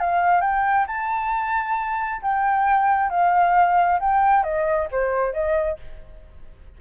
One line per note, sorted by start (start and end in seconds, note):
0.00 0.42 F5
0.42 0.86 G5
0.87 2.22 A5
2.22 3.10 G5
3.10 4.00 F5
4.00 4.44 G5
4.44 4.88 D#5
4.92 5.34 C5
5.34 5.79 D#5